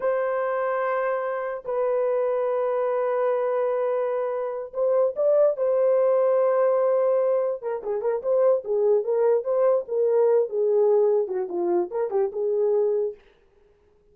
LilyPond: \new Staff \with { instrumentName = "horn" } { \time 4/4 \tempo 4 = 146 c''1 | b'1~ | b'2.~ b'8 c''8~ | c''8 d''4 c''2~ c''8~ |
c''2~ c''8 ais'8 gis'8 ais'8 | c''4 gis'4 ais'4 c''4 | ais'4. gis'2 fis'8 | f'4 ais'8 g'8 gis'2 | }